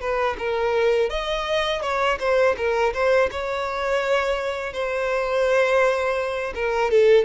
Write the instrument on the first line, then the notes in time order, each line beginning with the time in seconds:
violin
0.00 B4
0.38 A#4
1.09 D#5
1.82 C#5
2.19 C5
2.57 A#4
2.93 C5
3.31 C#5
4.73 C5
6.55 A#4
6.90 A4